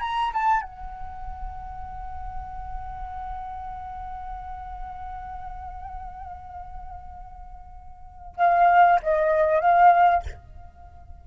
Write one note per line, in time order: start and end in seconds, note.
0.00 0.32 A#5
0.33 0.61 A5
0.61 8.35 F#5
8.36 8.99 F5
9.02 9.60 D#5
9.60 10.23 F5